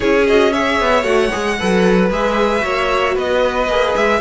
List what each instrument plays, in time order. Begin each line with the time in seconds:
0.00 cello C#4, viola E4, violin G#4 C#5
0.27 viola F#4, violin D#5
0.52 viola G#4, violin C#5 E5
0.80 cello B3
1.03 cello A3, viola F#4, violin F#5
1.31 cello G#3, viola G#4
1.59 cello F#3, viola A4, violin B4
2.10 cello G#3, viola G#4, violin E5
2.59 cello A#3, viola F#4, violin C#5
3.14 cello B3, violin B4 D#5
3.68 cello A#3, viola G#4
3.95 cello G#3, violin E5